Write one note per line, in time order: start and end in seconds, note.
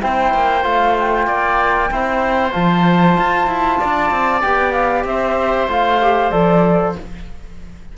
0.00 0.34 C4
0.00 0.63 E4
0.00 1.27 C5
0.00 0.64 G5
0.34 0.65 A#3
0.63 1.27 A3
0.63 1.89 F4
0.63 0.95 F5
0.99 2.52 G5
1.27 1.90 A#3
1.27 1.90 D5
1.91 2.54 C4
1.91 2.52 E4
1.91 3.79 C5
2.52 3.17 F3
2.52 4.41 F4
2.52 4.42 A5
3.17 3.47 F4
3.47 3.78 E4
3.79 4.10 D4
3.79 5.05 D5
4.10 4.42 C4
4.42 5.04 B3
4.42 5.69 G4
4.42 4.72 G5
4.72 5.03 F5
5.04 5.67 C4
5.04 6.97 C5
5.04 5.69 E5
5.68 6.31 A3
5.68 6.00 F4
5.68 6.31 F5
6.01 6.32 G4
6.31 6.95 F3
6.31 6.95 A4
6.31 6.94 D5